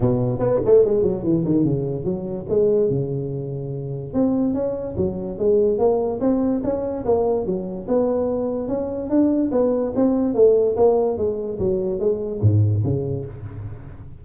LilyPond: \new Staff \with { instrumentName = "tuba" } { \time 4/4 \tempo 4 = 145 b,4 b8 a8 gis8 fis8 e8 dis8 | cis4 fis4 gis4 cis4~ | cis2 c'4 cis'4 | fis4 gis4 ais4 c'4 |
cis'4 ais4 fis4 b4~ | b4 cis'4 d'4 b4 | c'4 a4 ais4 gis4 | fis4 gis4 gis,4 cis4 | }